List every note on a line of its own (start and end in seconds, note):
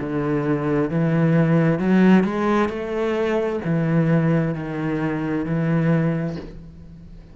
0.00 0.90 D3
0.90 1.79 E3
1.79 2.24 F#3
2.24 2.69 G#3
2.69 3.60 A3
3.65 4.55 E3
4.55 5.45 D#3
5.45 6.36 E3